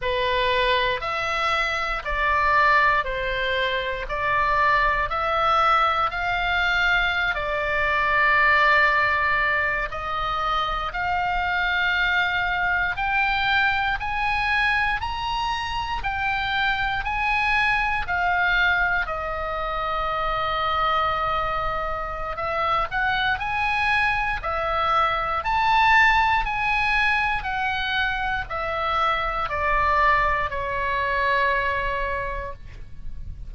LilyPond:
\new Staff \with { instrumentName = "oboe" } { \time 4/4 \tempo 4 = 59 b'4 e''4 d''4 c''4 | d''4 e''4 f''4~ f''16 d''8.~ | d''4.~ d''16 dis''4 f''4~ f''16~ | f''8. g''4 gis''4 ais''4 g''16~ |
g''8. gis''4 f''4 dis''4~ dis''16~ | dis''2 e''8 fis''8 gis''4 | e''4 a''4 gis''4 fis''4 | e''4 d''4 cis''2 | }